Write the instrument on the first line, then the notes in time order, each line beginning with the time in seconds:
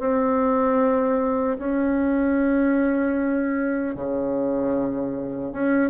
bassoon
0.00 C4
1.59 C#4
3.96 C#3
5.53 C#4